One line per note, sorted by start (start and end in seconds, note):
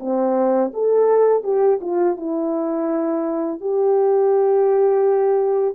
0.00 0.72 C4
0.74 1.44 A4
1.44 1.80 G4
1.82 2.17 F4
2.17 3.61 E4
3.61 5.75 G4